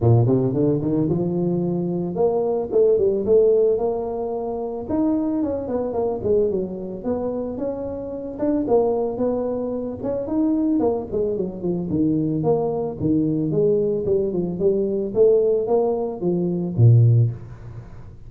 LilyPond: \new Staff \with { instrumentName = "tuba" } { \time 4/4 \tempo 4 = 111 ais,8 c8 d8 dis8 f2 | ais4 a8 g8 a4 ais4~ | ais4 dis'4 cis'8 b8 ais8 gis8 | fis4 b4 cis'4. d'8 |
ais4 b4. cis'8 dis'4 | ais8 gis8 fis8 f8 dis4 ais4 | dis4 gis4 g8 f8 g4 | a4 ais4 f4 ais,4 | }